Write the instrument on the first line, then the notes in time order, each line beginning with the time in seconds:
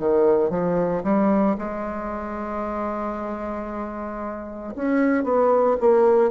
bassoon
0.00 D#3
0.50 F3
1.04 G3
1.58 G#3
4.76 C#4
5.24 B3
5.80 A#3